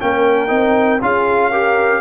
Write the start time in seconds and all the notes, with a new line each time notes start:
0.00 A#3 C#4 A#4 G5
0.48 C4 D#4
1.01 C#4 F4 G#4 F5
1.50 G4 A#4